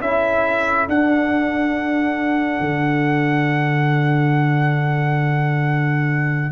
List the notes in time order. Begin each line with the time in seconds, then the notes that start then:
0.00 C#4 E4 A4 E5
0.88 D4 F#5
2.60 D3